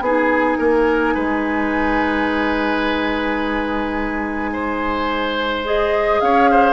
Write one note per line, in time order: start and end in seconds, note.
0.00 0.56 B3
0.00 5.64 D#4
0.00 0.58 G#4
0.00 5.63 G#5
0.58 1.15 A#3
0.58 1.14 A#4
1.14 6.20 G#3
1.14 4.50 B4
4.52 6.20 C5
5.64 6.72 G#4
5.64 6.20 D#5
6.20 6.72 C#4
6.20 6.50 C#5
6.20 6.72 F5
6.50 6.72 C5